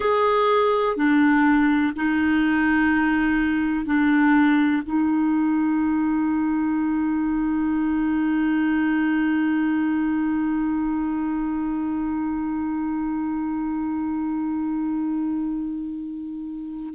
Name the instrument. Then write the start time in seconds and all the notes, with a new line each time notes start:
clarinet
0.00 G#4
0.96 D4
1.96 D#4
3.85 D4
4.85 D#4